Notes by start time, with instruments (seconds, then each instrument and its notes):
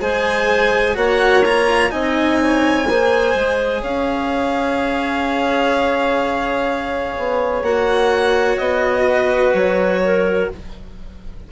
0.00 bassoon G#3, cello G#4, clarinet C5, violin G#5
0.95 bassoon A#3, cello F#4, clarinet C#5, violin F#5
1.45 cello F4, violin A#5
1.90 bassoon C4, cello D#4, clarinet D#5, violin G#5
2.42 clarinet C#5
2.88 bassoon A#3, cello G#4, clarinet C5
3.35 bassoon G#3
3.82 bassoon C#4, clarinet C#5, violin F5
7.18 bassoon B3
7.62 bassoon A#3, cello F#4, violin F#5
8.59 bassoon B3, violin D#5
9.06 clarinet B4
9.54 bassoon F#3, violin C#5
10.04 clarinet A#4